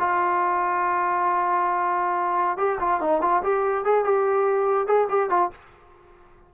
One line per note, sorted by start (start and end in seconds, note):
0.00 2.58 F4
2.58 2.79 G4
2.80 3.01 F4
3.01 3.22 D#4
3.22 3.43 F4
3.43 3.85 G4
3.85 4.05 G#4
4.05 4.87 G4
4.87 5.08 G#4
5.09 5.30 G4
5.30 5.51 F4